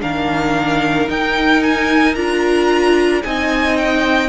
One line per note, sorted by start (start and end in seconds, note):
0.00 1.08 D#3
0.00 1.07 D4
0.00 3.24 A#4
0.00 1.09 F5
1.08 2.15 D#4
1.08 2.16 D#4
1.08 1.63 G5
1.63 2.15 G#5
2.15 3.23 D4
2.15 3.23 F4
2.15 3.22 A#5
3.23 4.29 C4
3.23 4.29 D#4
3.23 4.29 D#5
3.23 3.77 G#5
3.77 4.29 G5